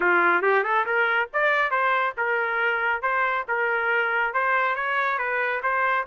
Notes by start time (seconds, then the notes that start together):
0.00 F4
0.41 G4
0.63 A4
0.85 A#4
1.33 D5
1.71 C5
2.17 A#4
3.02 C5
3.47 A#4
4.33 C5
4.75 C#5
5.18 B4
5.62 C5